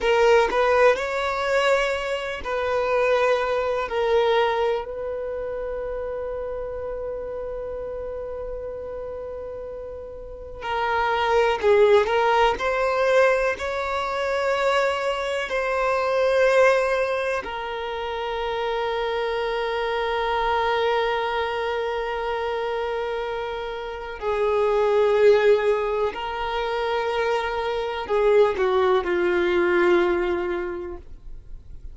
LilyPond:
\new Staff \with { instrumentName = "violin" } { \time 4/4 \tempo 4 = 62 ais'8 b'8 cis''4. b'4. | ais'4 b'2.~ | b'2. ais'4 | gis'8 ais'8 c''4 cis''2 |
c''2 ais'2~ | ais'1~ | ais'4 gis'2 ais'4~ | ais'4 gis'8 fis'8 f'2 | }